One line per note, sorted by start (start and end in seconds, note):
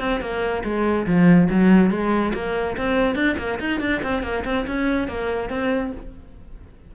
0.00 0.21 C4
0.21 0.64 A#3
0.64 1.07 G#3
1.07 1.49 F3
1.50 1.91 F#3
1.91 2.33 G#3
2.34 2.77 A#3
2.78 3.15 C4
3.15 3.36 D4
3.38 3.59 A#3
3.60 3.81 D#4
3.81 4.02 D4
4.03 4.23 C4
4.23 4.44 A#3
4.45 4.67 C4
4.67 5.08 C#4
5.08 5.50 A#3
5.50 5.92 C4